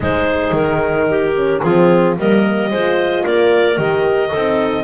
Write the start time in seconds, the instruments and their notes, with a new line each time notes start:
0.00 double bass G#3, horn D#4, clarinet G#4 C5
0.51 double bass D#3, clarinet A#4
1.09 clarinet G4
1.35 horn C#4
1.61 double bass F3, horn C4, clarinet F4 G#4
2.16 double bass G3, horn A#3, clarinet A#4 D#5
2.70 double bass G#3, horn F4, clarinet C5
3.23 double bass A#3, clarinet A#4 D5
3.76 double bass D#3, horn G4, clarinet D#5
4.29 clarinet A4
4.35 double bass C4, horn D#4